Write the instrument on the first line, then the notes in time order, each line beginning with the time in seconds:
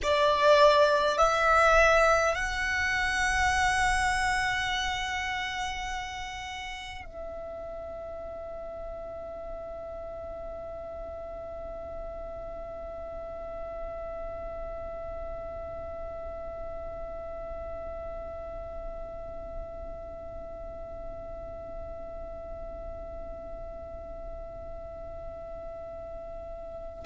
violin
0.02 D5
1.18 E5
2.34 F#5
7.04 E5